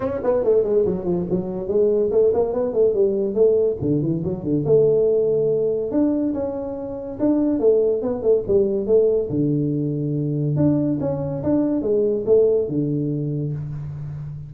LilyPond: \new Staff \with { instrumentName = "tuba" } { \time 4/4 \tempo 4 = 142 cis'8 b8 a8 gis8 fis8 f8 fis4 | gis4 a8 ais8 b8 a8 g4 | a4 d8 e8 fis8 d8 a4~ | a2 d'4 cis'4~ |
cis'4 d'4 a4 b8 a8 | g4 a4 d2~ | d4 d'4 cis'4 d'4 | gis4 a4 d2 | }